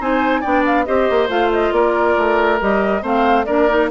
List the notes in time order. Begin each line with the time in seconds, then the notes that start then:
0.00 C4 D#4 C5 G#5
0.41 B3 D4 D5 G5
0.66 F5
0.86 C4 G4 C5 D#5
1.10 A#3
1.29 A3 F4 F5
1.53 D#5
1.72 A#3 A#4 D5
2.18 A3
2.61 G3 G4 D#5
3.02 A3 C4 C5 F5
3.45 A#3 D4 A#4 D5
3.69 D#4